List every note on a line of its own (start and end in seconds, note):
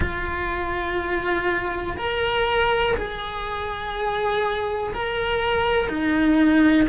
0.00 1.96 F4
1.97 2.95 A#4
2.96 4.93 G#4
4.93 5.88 A#4
5.88 6.87 D#4